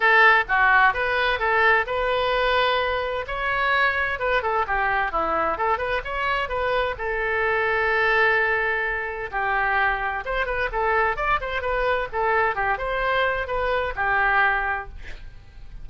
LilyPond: \new Staff \with { instrumentName = "oboe" } { \time 4/4 \tempo 4 = 129 a'4 fis'4 b'4 a'4 | b'2. cis''4~ | cis''4 b'8 a'8 g'4 e'4 | a'8 b'8 cis''4 b'4 a'4~ |
a'1 | g'2 c''8 b'8 a'4 | d''8 c''8 b'4 a'4 g'8 c''8~ | c''4 b'4 g'2 | }